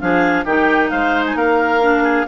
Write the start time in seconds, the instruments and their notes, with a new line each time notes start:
0.00 bassoon F3, clarinet D4 F5, oboe G#4
0.45 bassoon D#3, clarinet D#4 G5, oboe G4
0.89 bassoon G#3, oboe C5, clarinet F5
1.26 clarinet G#5
1.35 bassoon A#3, oboe A#4, clarinet F5
1.81 clarinet D4
2.03 oboe G#4